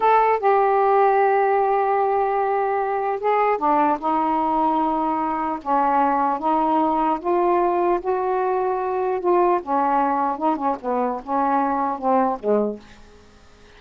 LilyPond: \new Staff \with { instrumentName = "saxophone" } { \time 4/4 \tempo 4 = 150 a'4 g'2.~ | g'1 | gis'4 d'4 dis'2~ | dis'2 cis'2 |
dis'2 f'2 | fis'2. f'4 | cis'2 dis'8 cis'8 b4 | cis'2 c'4 gis4 | }